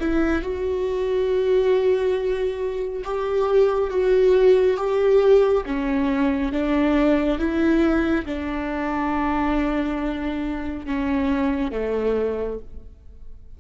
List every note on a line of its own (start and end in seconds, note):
0.00 0.42 E4
0.42 3.03 F#4
3.04 3.90 G4
3.90 4.77 F#4
4.77 5.64 G4
5.66 6.52 C#4
6.52 7.39 D4
7.39 8.26 E4
8.26 10.86 D4
10.86 11.72 C#4
11.72 12.58 A3